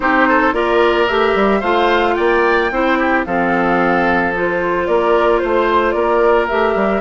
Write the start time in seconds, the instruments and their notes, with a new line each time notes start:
0.00 bassoon C4, clarinet D#4, oboe G4, flute C5
0.28 oboe A4
0.52 bassoon A#3, clarinet F4, oboe A#4, flute D5
1.08 bassoon A3, clarinet G4, flute E5
1.34 bassoon G3
1.60 bassoon A3, clarinet F4, oboe C5, flute F5
2.14 bassoon A#3, oboe D5, flute G5
2.71 bassoon C4, clarinet E4, oboe C5
2.98 oboe G4
3.25 bassoon F3, clarinet C4, oboe A4, flute F5
4.35 clarinet F4, flute C5
4.87 bassoon A#3, oboe A#4, flute D5
5.38 bassoon A3, flute C5, oboe C5
5.91 bassoon A#3, oboe A#4, flute D5
6.48 bassoon A3, clarinet G4, flute E5
6.75 bassoon G3